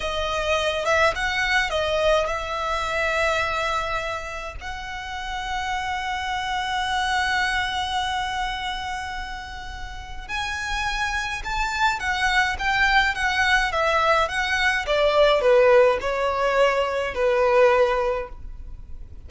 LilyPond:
\new Staff \with { instrumentName = "violin" } { \time 4/4 \tempo 4 = 105 dis''4. e''8 fis''4 dis''4 | e''1 | fis''1~ | fis''1~ |
fis''2 gis''2 | a''4 fis''4 g''4 fis''4 | e''4 fis''4 d''4 b'4 | cis''2 b'2 | }